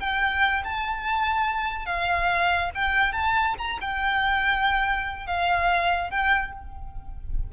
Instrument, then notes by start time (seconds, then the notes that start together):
violin
0.00 G5
0.64 A5
1.86 F5
2.75 G5
3.13 A5
3.58 A#5
3.81 G5
5.27 F5
6.10 G5